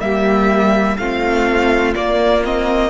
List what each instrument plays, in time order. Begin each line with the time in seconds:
0.00 cello G3, viola A#3, violin G4 E5
0.97 cello A3, viola C4, violin F4 F5
1.94 viola A#3, cello A#3, violin D5
2.43 viola C4, violin D#5